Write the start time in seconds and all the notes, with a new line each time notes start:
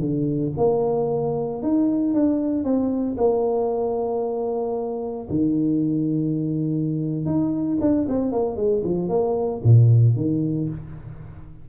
0.00 D3
0.57 A#3
1.62 D#4
2.14 D4
2.64 C4
3.17 A#3
5.29 D#3
7.25 D#4
7.81 D4
8.09 C4
8.32 A#3
8.56 G#3
8.84 F3
9.09 A#3
9.63 A#2
10.16 D#3